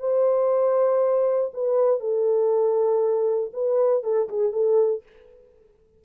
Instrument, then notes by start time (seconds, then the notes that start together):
horn
0.00 C5
1.54 B4
2.00 A4
3.54 B4
4.04 A4
4.29 G#4
4.53 A4